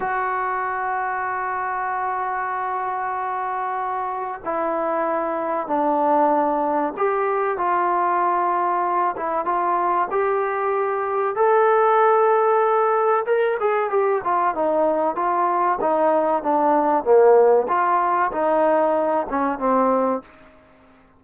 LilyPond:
\new Staff \with { instrumentName = "trombone" } { \time 4/4 \tempo 4 = 95 fis'1~ | fis'2. e'4~ | e'4 d'2 g'4 | f'2~ f'8 e'8 f'4 |
g'2 a'2~ | a'4 ais'8 gis'8 g'8 f'8 dis'4 | f'4 dis'4 d'4 ais4 | f'4 dis'4. cis'8 c'4 | }